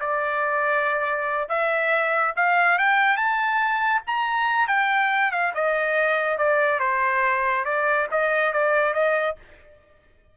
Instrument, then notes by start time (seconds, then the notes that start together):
trumpet
0.00 D5
1.49 E5
2.36 F5
2.78 G5
3.17 A5
4.07 A#5
4.68 G5
5.32 F5
5.54 D#5
6.38 D5
6.79 C5
7.65 D5
8.11 D#5
8.53 D5
8.93 D#5